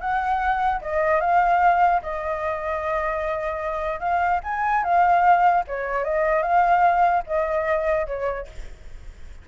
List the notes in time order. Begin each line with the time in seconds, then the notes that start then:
0.00 F#5
0.81 D#5
1.21 F5
2.02 D#5
4.00 F5
4.43 G#5
4.84 F5
5.67 C#5
6.04 D#5
6.43 F5
7.27 D#5
8.07 C#5